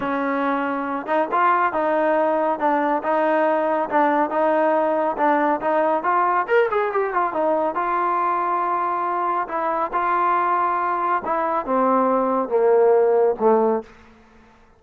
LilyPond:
\new Staff \with { instrumentName = "trombone" } { \time 4/4 \tempo 4 = 139 cis'2~ cis'8 dis'8 f'4 | dis'2 d'4 dis'4~ | dis'4 d'4 dis'2 | d'4 dis'4 f'4 ais'8 gis'8 |
g'8 f'8 dis'4 f'2~ | f'2 e'4 f'4~ | f'2 e'4 c'4~ | c'4 ais2 a4 | }